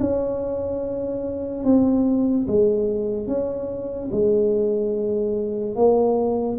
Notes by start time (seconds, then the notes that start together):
0.00 C#4
1.64 C4
2.48 G#3
3.27 C#4
4.12 G#3
5.76 A#3